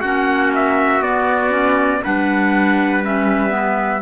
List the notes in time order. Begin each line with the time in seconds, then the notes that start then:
0.00 A#3 C#4 F#4 F#5
0.55 E5
1.01 B3 D5
1.51 C#4
2.04 G3 D4 B4 F#5
3.04 C#4 E5
3.50 B3